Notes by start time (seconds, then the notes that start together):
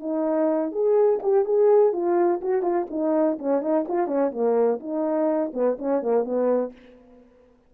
0.00 D#4
0.72 G#4
1.23 G4
1.45 G#4
1.93 F4
2.42 F#4
2.62 F4
2.90 D#4
3.39 C#4
3.62 D#4
3.88 F4
4.07 C#4
4.32 A#3
4.80 D#4
5.54 B3
5.79 C#4
6.03 A#3
6.25 B3